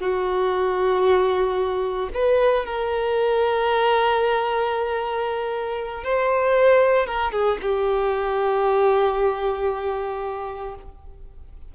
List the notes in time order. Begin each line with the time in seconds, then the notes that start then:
0.00 F#4
2.13 B4
2.65 A#4
6.04 C5
7.06 A#4
7.31 G#4
7.62 G4